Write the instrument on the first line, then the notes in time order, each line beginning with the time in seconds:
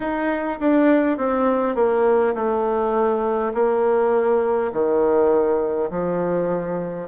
bassoon
0.00 D#4
0.59 D4
1.17 C4
1.75 A#3
2.35 A3
3.53 A#3
4.72 D#3
5.90 F3